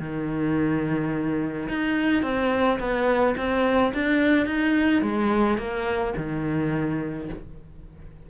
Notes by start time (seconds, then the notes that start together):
0.00 D#3
1.69 D#4
2.23 C4
2.80 B3
3.37 C4
3.94 D4
4.47 D#4
5.02 G#3
5.58 A#3
6.17 D#3